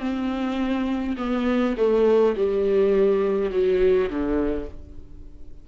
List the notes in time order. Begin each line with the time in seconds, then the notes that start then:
0.00 C4
1.18 B3
1.77 A3
2.37 G3
3.51 F#3
4.10 D3